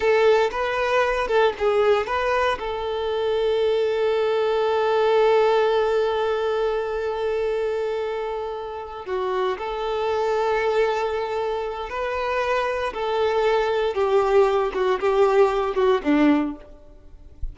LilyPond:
\new Staff \with { instrumentName = "violin" } { \time 4/4 \tempo 4 = 116 a'4 b'4. a'8 gis'4 | b'4 a'2.~ | a'1~ | a'1~ |
a'4. fis'4 a'4.~ | a'2. b'4~ | b'4 a'2 g'4~ | g'8 fis'8 g'4. fis'8 d'4 | }